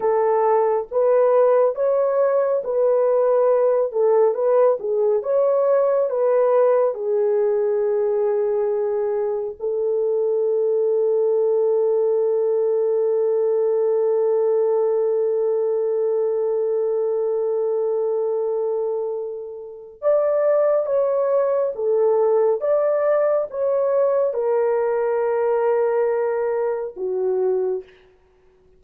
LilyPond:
\new Staff \with { instrumentName = "horn" } { \time 4/4 \tempo 4 = 69 a'4 b'4 cis''4 b'4~ | b'8 a'8 b'8 gis'8 cis''4 b'4 | gis'2. a'4~ | a'1~ |
a'1~ | a'2. d''4 | cis''4 a'4 d''4 cis''4 | ais'2. fis'4 | }